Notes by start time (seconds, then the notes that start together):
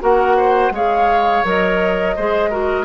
0.00 A#3 F#4 A#4 F#5
0.36 C5
0.71 G#3 G#4 C#5 F5
1.44 F#3 A#4 D#5
2.16 G#3 G#4 C5
2.50 F#4 A#4